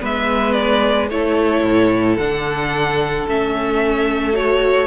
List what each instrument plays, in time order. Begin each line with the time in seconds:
0.00 cello G#3, viola B3, violin B4 E5
0.52 violin D5
1.10 cello A3, viola E4, violin A4 C#5
1.64 cello A2
2.17 cello D3, viola D4, violin F#5
3.28 cello A3, viola C#4, violin E5
4.33 viola F#4, violin C#5